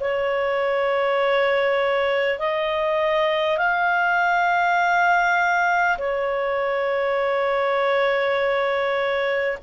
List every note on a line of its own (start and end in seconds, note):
0.00 2.38 C#5
2.38 3.57 D#5
3.57 5.97 F5
5.98 9.58 C#5